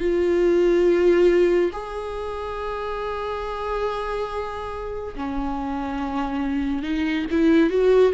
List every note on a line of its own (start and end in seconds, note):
0.00 1.71 F4
1.73 5.15 G#4
5.16 6.83 C#4
6.83 7.26 D#4
7.31 7.70 E4
7.70 8.13 F#4